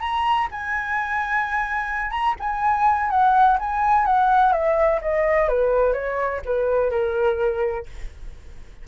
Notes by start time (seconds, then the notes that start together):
0.00 A#5
0.51 G#5
2.11 A#5
2.40 G#5
3.10 F#5
3.59 G#5
4.05 F#5
4.53 E5
5.02 D#5
5.48 B4
5.93 C#5
6.45 B4
6.90 A#4